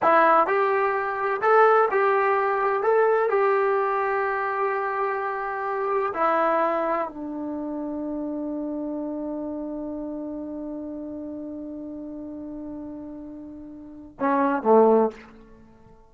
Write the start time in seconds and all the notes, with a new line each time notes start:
0.02 E4
0.46 G4
1.41 A4
1.91 G4
2.82 A4
3.29 G4
6.14 E4
7.08 D4
14.19 C#4
14.62 A3